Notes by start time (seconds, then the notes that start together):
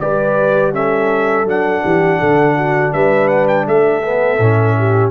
0.00 G3 G4 B4 D5
0.73 C#4 A4 E5
1.45 F#3 D4 F#5
1.84 E3 G4
2.20 D3 A4
2.57 F#4
2.93 G3 B4 E5
3.28 F#5
3.48 G5
3.67 A3 A4 E5
4.03 B3
4.39 A2 C#4
4.78 G4